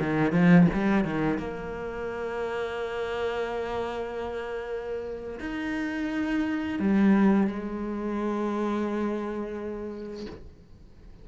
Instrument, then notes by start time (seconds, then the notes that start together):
cello
0.00 D#3
0.33 F3
0.74 G3
1.05 D#3
1.39 A#3
5.40 D#4
6.80 G3
7.47 G#3